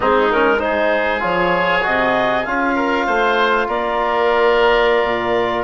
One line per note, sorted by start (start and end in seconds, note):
0.00 1.23 G#3
0.00 0.30 C4
0.00 0.58 D#4
0.00 0.32 G#4
0.32 0.58 C#4
0.32 0.59 A#4
0.58 1.19 D#4
0.58 2.75 G#4
0.58 1.21 C5
1.19 1.84 F3
1.19 1.80 F4
1.19 1.84 C#5
1.82 2.46 C3
1.82 2.43 F#4
1.82 2.45 D#5
2.45 3.07 C#4
2.45 5.63 F4
2.45 3.67 F5
2.75 3.06 A#4
3.06 3.67 A3
3.06 3.67 C5
3.67 5.03 A#3
3.67 5.63 A#4
3.67 5.63 D5
5.03 5.63 A#2